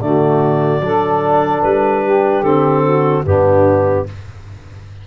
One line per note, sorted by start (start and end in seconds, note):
0.00 0.80 D3
0.00 0.81 A3
0.00 0.83 F#4
0.00 1.62 D5
0.80 1.61 F#3
0.80 2.44 D4
0.80 2.03 A4
1.62 2.41 G3
1.62 2.43 B4
2.03 2.83 G4
2.41 3.22 D3
2.41 3.25 C4
2.41 3.24 A4
2.83 3.24 F#4
3.25 4.06 G2
3.25 4.06 B3
3.25 4.06 D4
3.25 4.06 G4